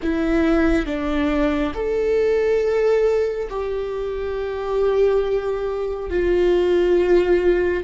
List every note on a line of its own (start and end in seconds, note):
0.02 0.85 E4
0.85 1.72 D4
1.74 3.48 A4
3.49 6.09 G4
6.09 7.83 F4